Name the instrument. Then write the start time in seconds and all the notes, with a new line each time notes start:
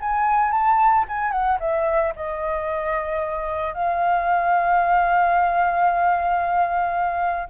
flute
0.00 G#5
0.51 A5
1.08 G#5
1.31 F#5
1.59 E5
2.16 D#5
3.73 F5